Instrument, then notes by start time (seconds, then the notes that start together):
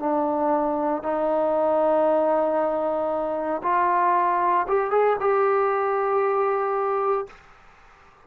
trombone
0.00 D4
1.03 D#4
3.63 F4
4.68 G4
4.91 G#4
5.21 G4